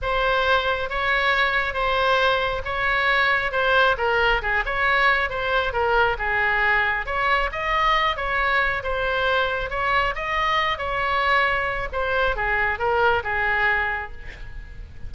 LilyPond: \new Staff \with { instrumentName = "oboe" } { \time 4/4 \tempo 4 = 136 c''2 cis''2 | c''2 cis''2 | c''4 ais'4 gis'8 cis''4. | c''4 ais'4 gis'2 |
cis''4 dis''4. cis''4. | c''2 cis''4 dis''4~ | dis''8 cis''2~ cis''8 c''4 | gis'4 ais'4 gis'2 | }